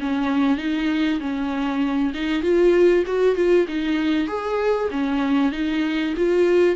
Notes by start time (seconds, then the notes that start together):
0.00 C#4
0.58 D#4
1.20 C#4
2.14 D#4
2.42 F4
3.06 F#4
3.36 F4
3.68 D#4
4.28 G#4
4.91 C#4
5.52 D#4
6.17 F4